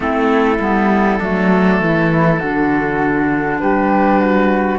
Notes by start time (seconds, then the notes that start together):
0.00 A3 C4 E4 A4
0.60 G3 B3
1.19 F#3 A3 D4
1.80 E3 E4
2.39 D3 D4 F#4
3.59 G3 G4 B4
4.19 F#4